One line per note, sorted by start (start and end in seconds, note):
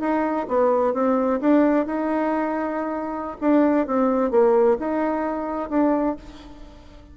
0.00 0.47 D#4
0.48 0.93 B3
0.93 1.40 C4
1.40 1.86 D4
1.86 3.37 D#4
3.41 3.87 D4
3.87 4.31 C4
4.31 4.77 A#3
4.79 5.70 D#4
5.70 6.16 D4